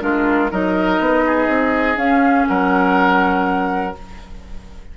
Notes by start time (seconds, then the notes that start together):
0.00 G#3 D4 F4 A#4
0.51 F#3 D#4 A#4 D#5
0.99 B3
1.26 G#4
1.47 C4
1.96 C#4 F5
2.47 F#3 A#4 F#5